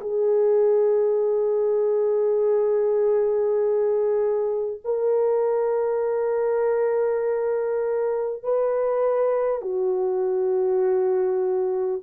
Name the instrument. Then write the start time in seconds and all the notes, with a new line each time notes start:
horn
0.00 G#4
4.84 A#4
8.43 B4
9.61 F#4